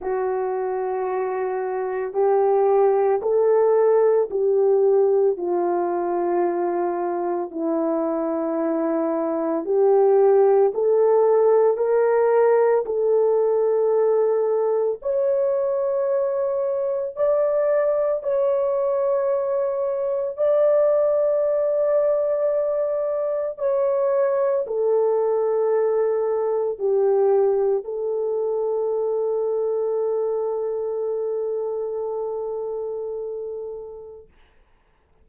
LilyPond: \new Staff \with { instrumentName = "horn" } { \time 4/4 \tempo 4 = 56 fis'2 g'4 a'4 | g'4 f'2 e'4~ | e'4 g'4 a'4 ais'4 | a'2 cis''2 |
d''4 cis''2 d''4~ | d''2 cis''4 a'4~ | a'4 g'4 a'2~ | a'1 | }